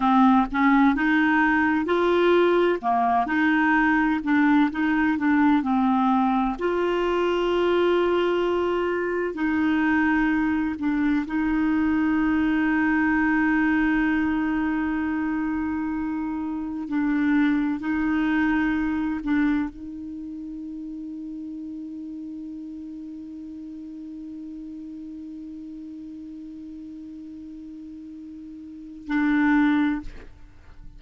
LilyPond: \new Staff \with { instrumentName = "clarinet" } { \time 4/4 \tempo 4 = 64 c'8 cis'8 dis'4 f'4 ais8 dis'8~ | dis'8 d'8 dis'8 d'8 c'4 f'4~ | f'2 dis'4. d'8 | dis'1~ |
dis'2 d'4 dis'4~ | dis'8 d'8 dis'2.~ | dis'1~ | dis'2. d'4 | }